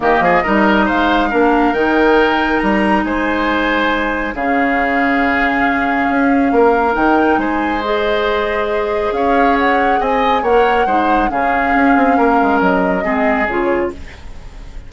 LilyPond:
<<
  \new Staff \with { instrumentName = "flute" } { \time 4/4 \tempo 4 = 138 dis''2 f''2 | g''2 ais''4 gis''4~ | gis''2 f''2~ | f''1 |
g''4 gis''4 dis''2~ | dis''4 f''4 fis''4 gis''4 | fis''2 f''2~ | f''4 dis''2 cis''4 | }
  \new Staff \with { instrumentName = "oboe" } { \time 4/4 g'8 gis'8 ais'4 c''4 ais'4~ | ais'2. c''4~ | c''2 gis'2~ | gis'2. ais'4~ |
ais'4 c''2.~ | c''4 cis''2 dis''4 | cis''4 c''4 gis'2 | ais'2 gis'2 | }
  \new Staff \with { instrumentName = "clarinet" } { \time 4/4 ais4 dis'2 d'4 | dis'1~ | dis'2 cis'2~ | cis'1 |
dis'2 gis'2~ | gis'1 | ais'4 dis'4 cis'2~ | cis'2 c'4 f'4 | }
  \new Staff \with { instrumentName = "bassoon" } { \time 4/4 dis8 f8 g4 gis4 ais4 | dis2 g4 gis4~ | gis2 cis2~ | cis2 cis'4 ais4 |
dis4 gis2.~ | gis4 cis'2 c'4 | ais4 gis4 cis4 cis'8 c'8 | ais8 gis8 fis4 gis4 cis4 | }
>>